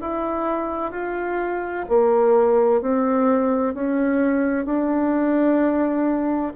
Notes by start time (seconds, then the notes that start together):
0.00 E4
0.91 F4
1.88 A#3
2.81 C4
3.74 C#4
4.65 D4